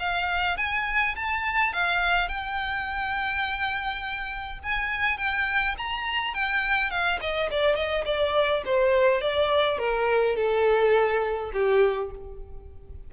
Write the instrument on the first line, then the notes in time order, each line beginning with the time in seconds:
violin
0.00 F5
0.58 G#5
1.16 A5
1.73 F5
2.29 G5
4.64 G#5
5.18 G5
5.78 A#5
6.34 G5
6.91 F5
7.21 D#5
7.51 D5
7.76 D#5
8.06 D5
8.65 C5
9.22 D5
9.79 A#4
10.37 A4
11.53 G4